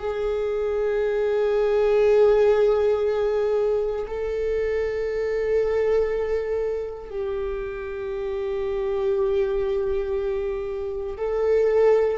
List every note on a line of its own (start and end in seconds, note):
0.00 4.07 G#4
4.08 7.10 A4
7.10 11.17 G4
11.18 12.18 A4